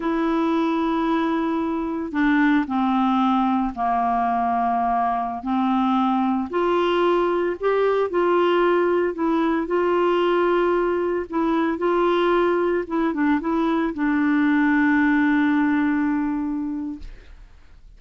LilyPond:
\new Staff \with { instrumentName = "clarinet" } { \time 4/4 \tempo 4 = 113 e'1 | d'4 c'2 ais4~ | ais2~ ais16 c'4.~ c'16~ | c'16 f'2 g'4 f'8.~ |
f'4~ f'16 e'4 f'4.~ f'16~ | f'4~ f'16 e'4 f'4.~ f'16~ | f'16 e'8 d'8 e'4 d'4.~ d'16~ | d'1 | }